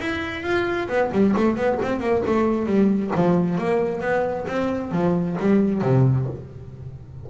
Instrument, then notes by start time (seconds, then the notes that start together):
double bass
0.00 E4
0.43 F4
0.89 B3
1.12 G3
1.37 A3
1.56 B3
1.83 C4
2.00 A#3
2.27 A3
2.66 G3
3.16 F3
3.58 A#3
4.01 B3
4.48 C4
4.92 F3
5.40 G3
5.82 C3